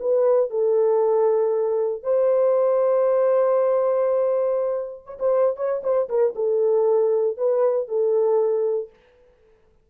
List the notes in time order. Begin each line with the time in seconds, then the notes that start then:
0.00 B4
0.50 A4
2.03 C5
5.06 C#5
5.20 C5
5.57 C#5
5.84 C5
6.09 A#4
6.36 A4
7.38 B4
7.88 A4